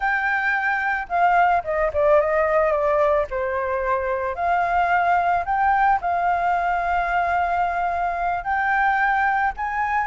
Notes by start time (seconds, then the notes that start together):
0.00 G5
1.08 F5
1.64 D#5
1.93 D5
2.20 D#5
2.71 D5
3.30 C5
4.35 F5
5.45 G5
6.01 F5
8.43 G5
9.57 G#5